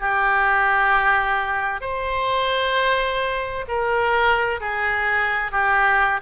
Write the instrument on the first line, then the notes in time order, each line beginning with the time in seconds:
oboe
0.00 G4
1.80 C5
3.68 A#4
4.60 G#4
5.51 G4